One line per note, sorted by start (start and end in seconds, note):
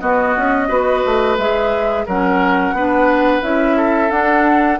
0.00 0.68 B3
0.00 0.35 B3
0.00 0.68 F#4
0.00 1.37 D#5
0.37 0.69 C#4
0.68 1.03 B3
0.68 1.36 F#4
0.68 2.04 B4
1.05 1.37 A3
1.37 2.06 G#3
1.37 2.08 G#4
1.37 2.06 E5
2.06 2.72 F#3
2.06 2.77 C#4
2.06 2.74 A#4
2.06 3.43 F#5
2.72 3.40 B3
2.72 3.42 D4
2.72 3.77 B4
3.42 4.10 C#4
3.42 4.10 E4
3.42 4.11 E5
3.77 4.79 A4
4.10 4.78 D4
4.10 4.79 F#5